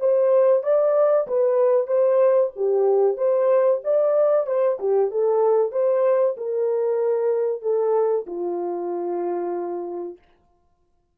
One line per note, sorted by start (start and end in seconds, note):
0.00 0.63 C5
0.63 1.27 D5
1.28 1.87 B4
1.87 2.51 C5
2.56 3.17 G4
3.17 3.81 C5
3.84 4.47 D5
4.47 4.79 C5
4.79 5.11 G4
5.11 5.72 A4
5.72 6.36 C5
6.37 7.62 A#4
7.62 8.26 A4
8.27 10.18 F4